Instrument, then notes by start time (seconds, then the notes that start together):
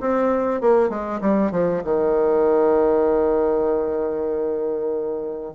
bassoon
0.00 C4
0.61 A#3
0.89 G#3
1.21 G3
1.51 F3
1.84 D#3